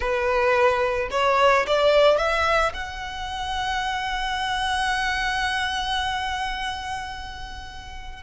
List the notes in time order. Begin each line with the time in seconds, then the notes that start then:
0.00 B4
1.11 C#5
1.67 D5
2.17 E5
2.73 F#5